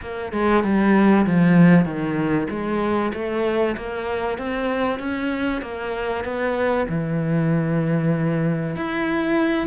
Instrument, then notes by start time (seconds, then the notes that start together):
cello
0.01 A#3
0.32 G#3
0.63 G3
1.26 F3
1.85 D#3
2.49 G#3
3.13 A3
3.76 A#3
4.38 C4
4.99 C#4
5.61 A#3
6.24 B3
6.88 E3
8.76 E4